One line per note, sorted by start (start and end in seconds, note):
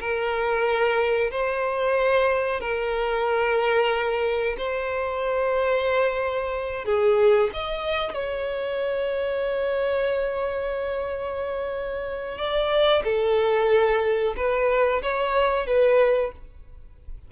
0.00 1.30 A#4
1.31 2.61 C5
2.61 4.56 A#4
4.58 6.85 C5
6.85 7.50 G#4
7.54 8.14 D#5
8.14 12.38 C#5
12.38 13.03 D5
13.04 14.35 A4
14.37 15.02 B4
15.02 15.67 C#5
15.67 16.32 B4